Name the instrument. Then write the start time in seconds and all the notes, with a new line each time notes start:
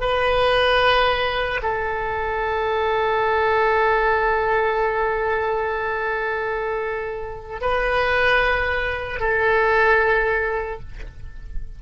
oboe
0.00 B4
1.62 A4
7.61 B4
9.20 A4